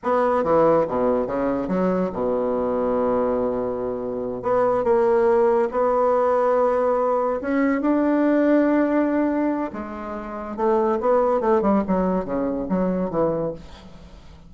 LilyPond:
\new Staff \with { instrumentName = "bassoon" } { \time 4/4 \tempo 4 = 142 b4 e4 b,4 cis4 | fis4 b,2.~ | b,2~ b,8 b4 ais8~ | ais4. b2~ b8~ |
b4. cis'4 d'4.~ | d'2. gis4~ | gis4 a4 b4 a8 g8 | fis4 cis4 fis4 e4 | }